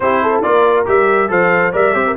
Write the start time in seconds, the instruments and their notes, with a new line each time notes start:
0.00 tuba C4, trombone E4, horn G4, trumpet C5
0.22 horn A4
0.42 tuba A#3, trombone F4, horn A#4, trumpet D5
0.85 tuba G3, trombone G4, trumpet E5
1.28 tuba F3, trombone A4, horn C5, trumpet F5
1.72 tuba G3, trombone A#4, horn D5, trumpet E5
1.94 tuba C4, trombone G4, horn C5
2.06 horn A#4